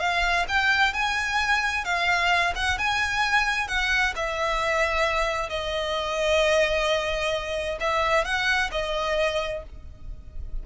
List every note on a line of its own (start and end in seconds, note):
0.00 0.46 F5
0.48 0.93 G5
0.93 1.85 G#5
1.85 2.53 F5
2.55 2.78 F#5
2.78 3.68 G#5
3.68 4.14 F#5
4.16 5.49 E5
5.49 7.78 D#5
7.80 8.24 E5
8.24 8.70 F#5
8.71 9.63 D#5